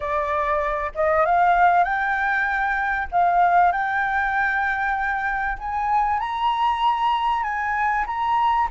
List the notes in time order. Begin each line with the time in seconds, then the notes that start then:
0.00 D5
0.94 D#5
1.25 F5
1.84 G5
3.11 F5
3.71 G5
5.58 G#5
6.19 A#5
7.43 G#5
8.06 A#5